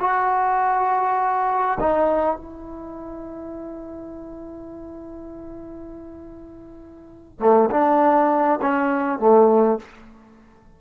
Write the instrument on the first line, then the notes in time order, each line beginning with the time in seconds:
trombone
0.00 F#4
1.80 D#4
2.36 E4
7.40 A3
7.70 D4
8.61 C#4
9.19 A3